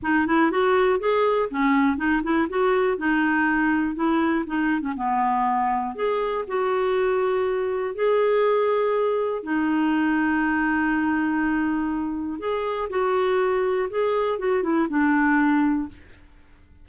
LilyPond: \new Staff \with { instrumentName = "clarinet" } { \time 4/4 \tempo 4 = 121 dis'8 e'8 fis'4 gis'4 cis'4 | dis'8 e'8 fis'4 dis'2 | e'4 dis'8. cis'16 b2 | gis'4 fis'2. |
gis'2. dis'4~ | dis'1~ | dis'4 gis'4 fis'2 | gis'4 fis'8 e'8 d'2 | }